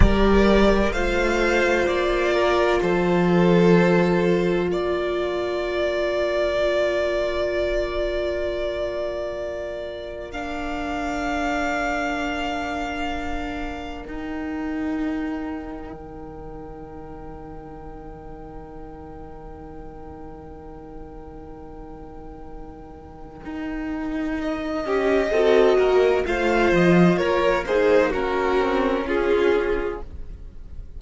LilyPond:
<<
  \new Staff \with { instrumentName = "violin" } { \time 4/4 \tempo 4 = 64 d''4 f''4 d''4 c''4~ | c''4 d''2.~ | d''2. f''4~ | f''2. g''4~ |
g''1~ | g''1~ | g''2 dis''2 | f''8 dis''8 cis''8 c''8 ais'4 gis'4 | }
  \new Staff \with { instrumentName = "violin" } { \time 4/4 ais'4 c''4. ais'8 a'4~ | a'4 ais'2.~ | ais'1~ | ais'1~ |
ais'1~ | ais'1~ | ais'2~ ais'8 g'8 a'8 ais'8 | c''4 ais'8 gis'8 fis'4 f'4 | }
  \new Staff \with { instrumentName = "viola" } { \time 4/4 g'4 f'2.~ | f'1~ | f'2. d'4~ | d'2. dis'4~ |
dis'1~ | dis'1~ | dis'2. fis'4 | f'4. dis'8 cis'2 | }
  \new Staff \with { instrumentName = "cello" } { \time 4/4 g4 a4 ais4 f4~ | f4 ais2.~ | ais1~ | ais2. dis'4~ |
dis'4 dis2.~ | dis1~ | dis4 dis'4. cis'8 c'8 ais8 | a8 f8 ais4. c'8 cis'4 | }
>>